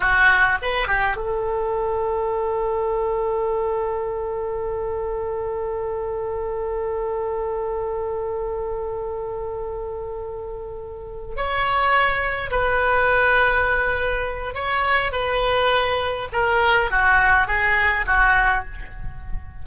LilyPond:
\new Staff \with { instrumentName = "oboe" } { \time 4/4 \tempo 4 = 103 fis'4 b'8 g'8 a'2~ | a'1~ | a'1~ | a'1~ |
a'2.~ a'8 cis''8~ | cis''4. b'2~ b'8~ | b'4 cis''4 b'2 | ais'4 fis'4 gis'4 fis'4 | }